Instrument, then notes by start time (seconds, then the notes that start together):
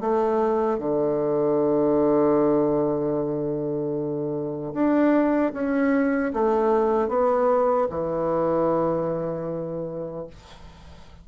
bassoon
0.00 A3
0.78 D3
4.73 D4
5.53 C#4
6.33 A3
7.08 B3
7.89 E3